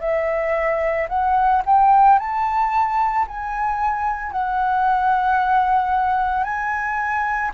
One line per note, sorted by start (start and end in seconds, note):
0.00 1.07 E5
1.08 1.62 F#5
1.66 2.19 G5
2.19 3.26 A5
3.27 4.31 G#5
4.31 6.43 F#5
6.43 7.50 G#5